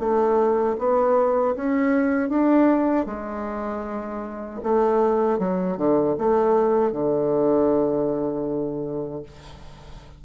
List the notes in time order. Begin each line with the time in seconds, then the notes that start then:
0.00 A3
0.79 B3
1.56 C#4
2.30 D4
3.07 G#3
4.64 A3
5.40 F#3
5.78 D3
6.19 A3
6.92 D3